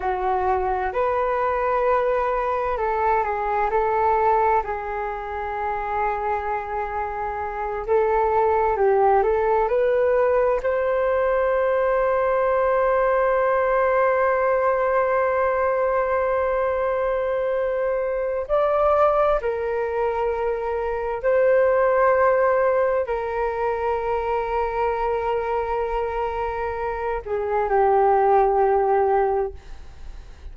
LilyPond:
\new Staff \with { instrumentName = "flute" } { \time 4/4 \tempo 4 = 65 fis'4 b'2 a'8 gis'8 | a'4 gis'2.~ | gis'8 a'4 g'8 a'8 b'4 c''8~ | c''1~ |
c''1 | d''4 ais'2 c''4~ | c''4 ais'2.~ | ais'4. gis'8 g'2 | }